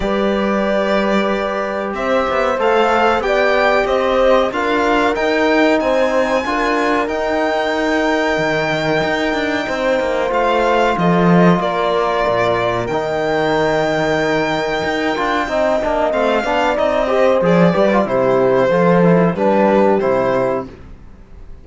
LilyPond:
<<
  \new Staff \with { instrumentName = "violin" } { \time 4/4 \tempo 4 = 93 d''2. e''4 | f''4 g''4 dis''4 f''4 | g''4 gis''2 g''4~ | g''1 |
f''4 dis''4 d''2 | g''1~ | g''4 f''4 dis''4 d''4 | c''2 b'4 c''4 | }
  \new Staff \with { instrumentName = "horn" } { \time 4/4 b'2. c''4~ | c''4 d''4 c''4 ais'4~ | ais'4 c''4 ais'2~ | ais'2. c''4~ |
c''4 a'4 ais'2~ | ais'1 | dis''4. d''4 c''4 b'8 | g'4 a'4 g'2 | }
  \new Staff \with { instrumentName = "trombone" } { \time 4/4 g'1 | a'4 g'2 f'4 | dis'2 f'4 dis'4~ | dis'1 |
f'1 | dis'2.~ dis'8 f'8 | dis'8 d'8 c'8 d'8 dis'8 g'8 gis'8 g'16 f'16 | e'4 f'8 e'8 d'4 e'4 | }
  \new Staff \with { instrumentName = "cello" } { \time 4/4 g2. c'8 b8 | a4 b4 c'4 d'4 | dis'4 c'4 d'4 dis'4~ | dis'4 dis4 dis'8 d'8 c'8 ais8 |
a4 f4 ais4 ais,4 | dis2. dis'8 d'8 | c'8 ais8 a8 b8 c'4 f8 g8 | c4 f4 g4 c4 | }
>>